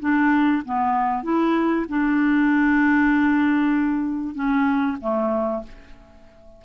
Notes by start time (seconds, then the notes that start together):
0.00 D4
0.65 B3
1.23 E4
1.89 D4
4.35 C#4
5.01 A3